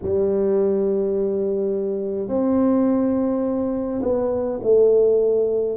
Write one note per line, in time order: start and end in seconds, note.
0.02 2.28 G3
2.28 4.01 C4
4.02 4.59 B3
4.62 5.77 A3